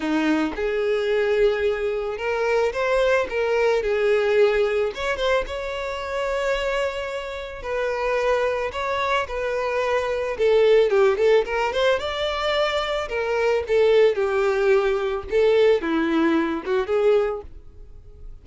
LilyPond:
\new Staff \with { instrumentName = "violin" } { \time 4/4 \tempo 4 = 110 dis'4 gis'2. | ais'4 c''4 ais'4 gis'4~ | gis'4 cis''8 c''8 cis''2~ | cis''2 b'2 |
cis''4 b'2 a'4 | g'8 a'8 ais'8 c''8 d''2 | ais'4 a'4 g'2 | a'4 e'4. fis'8 gis'4 | }